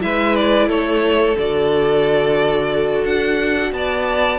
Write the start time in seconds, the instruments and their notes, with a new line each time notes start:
0.00 cello G#3, viola E4, violin B4 E5
0.35 violin D5
0.68 cello A3, violin A4 C#5
1.37 cello D3, viola F#4, violin D5
3.04 cello D4, violin F#5
3.72 cello B3, violin D5 A5